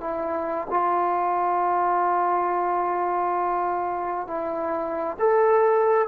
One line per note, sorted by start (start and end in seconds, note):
0.00 0.67 E4
0.70 4.27 F4
4.27 5.17 E4
5.19 6.07 A4